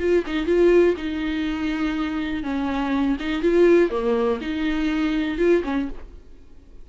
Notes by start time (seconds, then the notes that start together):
0.00 F4
0.27 D#4
0.46 F4
0.97 D#4
2.43 C#4
3.20 D#4
3.42 F4
3.91 A#3
4.42 D#4
5.38 F4
5.64 C#4